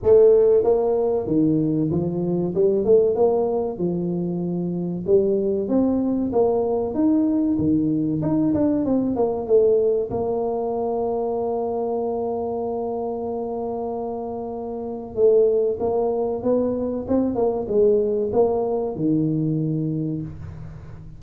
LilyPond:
\new Staff \with { instrumentName = "tuba" } { \time 4/4 \tempo 4 = 95 a4 ais4 dis4 f4 | g8 a8 ais4 f2 | g4 c'4 ais4 dis'4 | dis4 dis'8 d'8 c'8 ais8 a4 |
ais1~ | ais1 | a4 ais4 b4 c'8 ais8 | gis4 ais4 dis2 | }